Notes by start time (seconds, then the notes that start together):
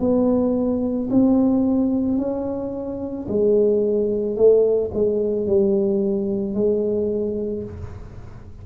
0.00 B3
1.10 C4
2.18 C#4
3.28 G#3
4.36 A3
4.94 G#3
5.46 G3
6.54 G#3